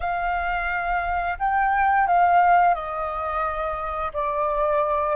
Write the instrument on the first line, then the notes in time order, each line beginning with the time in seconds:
flute
0.00 F5
1.39 G5
2.07 F5
2.74 D#5
4.13 D5